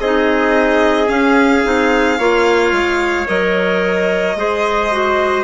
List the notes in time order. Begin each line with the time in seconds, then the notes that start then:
0.00 C4 D#4 G#4 D#5
1.07 C#4 F5
1.64 C4 D#4
2.18 A#3 F4 C#5
2.72 G#3
3.27 F#3 A#4 D#5
4.36 G#3 G#4 C5
4.92 F#4